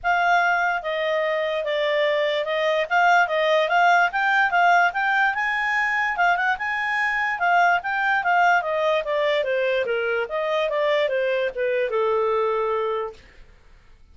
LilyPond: \new Staff \with { instrumentName = "clarinet" } { \time 4/4 \tempo 4 = 146 f''2 dis''2 | d''2 dis''4 f''4 | dis''4 f''4 g''4 f''4 | g''4 gis''2 f''8 fis''8 |
gis''2 f''4 g''4 | f''4 dis''4 d''4 c''4 | ais'4 dis''4 d''4 c''4 | b'4 a'2. | }